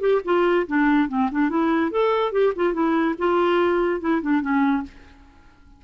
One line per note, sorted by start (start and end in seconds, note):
0.00 0.21 G4
0.24 0.66 F4
0.67 1.08 D4
1.09 1.29 C4
1.31 1.49 D4
1.49 1.91 E4
1.91 2.32 A4
2.32 2.52 G4
2.55 2.73 F4
2.73 3.15 E4
3.18 4.00 F4
4.00 4.21 E4
4.22 4.41 D4
4.41 4.83 C#4